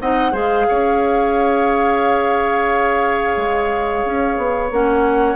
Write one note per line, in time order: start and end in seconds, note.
0.00 0.32 C4
0.00 0.32 D#4
0.00 0.32 D#5
0.00 0.34 F#5
0.32 0.66 G#3
0.32 4.70 G#4
0.32 0.65 C5
0.32 4.71 F5
0.68 3.36 C#4
0.68 5.35 C#5
3.36 4.04 G#3
4.05 4.37 C#4
4.37 4.71 B3
4.71 5.35 A#3
4.71 5.35 C#4
4.71 5.35 F#5